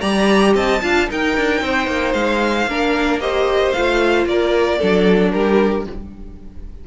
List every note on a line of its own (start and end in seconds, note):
0.00 0.54 G3
0.00 0.80 G4
0.00 0.53 D5
0.00 0.53 A#5
0.54 0.81 C4
0.54 0.81 D#5
0.54 1.09 A5
0.82 1.09 D4
0.82 1.07 F4
0.82 1.09 F5
1.07 2.67 D#4
1.07 1.36 D#4
1.07 1.62 A#4
1.07 2.12 G5
1.36 1.60 D4
1.60 1.87 C4
1.60 2.69 C5
1.87 2.13 A#3
2.12 2.66 G#3
2.12 3.19 F5
2.66 3.72 A#3
2.66 3.21 D4
2.66 3.21 A#4
3.20 3.74 G4
3.20 4.27 C5
3.20 3.71 D#5
3.71 4.25 A3
3.71 4.80 F4
3.71 4.24 F5
4.25 4.78 A#3
4.25 4.78 A#4
4.25 5.31 D5
4.78 5.33 F#3
4.78 5.86 D4
4.78 5.31 A4
5.31 5.86 G3
5.31 5.86 G4
5.31 5.84 A#4